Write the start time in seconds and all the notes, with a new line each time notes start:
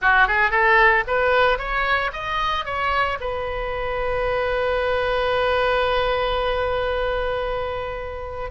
0.01 F#4
0.27 G#4
0.50 A4
1.07 B4
1.58 C#5
2.12 D#5
2.65 C#5
3.20 B4